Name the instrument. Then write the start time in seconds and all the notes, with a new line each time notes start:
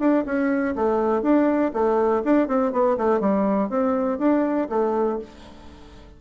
bassoon
0.00 D4
0.26 C#4
0.76 A3
1.23 D4
1.74 A3
2.24 D4
2.48 C4
2.73 B3
2.98 A3
3.21 G3
3.70 C4
4.19 D4
4.70 A3